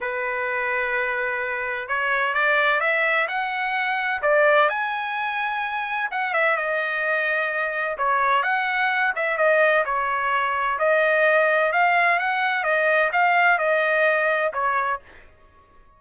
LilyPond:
\new Staff \with { instrumentName = "trumpet" } { \time 4/4 \tempo 4 = 128 b'1 | cis''4 d''4 e''4 fis''4~ | fis''4 d''4 gis''2~ | gis''4 fis''8 e''8 dis''2~ |
dis''4 cis''4 fis''4. e''8 | dis''4 cis''2 dis''4~ | dis''4 f''4 fis''4 dis''4 | f''4 dis''2 cis''4 | }